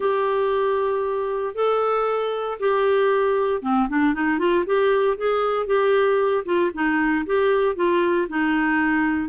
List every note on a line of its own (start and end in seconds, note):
0.00 1.54 G4
1.54 2.58 A4
2.59 3.62 G4
3.62 3.88 C4
3.88 4.14 D4
4.14 4.38 D#4
4.38 4.64 F4
4.66 5.17 G4
5.17 5.66 G#4
5.66 6.44 G4
6.45 6.71 F4
6.74 7.25 D#4
7.26 7.75 G4
7.75 8.27 F4
8.28 9.29 D#4